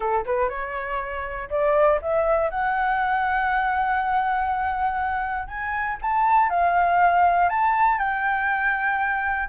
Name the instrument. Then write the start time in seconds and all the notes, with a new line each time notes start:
flute
0.00 A4
0.25 B4
0.49 C#5
1.50 D5
2.01 E5
2.50 F#5
5.47 G#5
6.01 A5
6.49 F5
7.49 A5
7.98 G5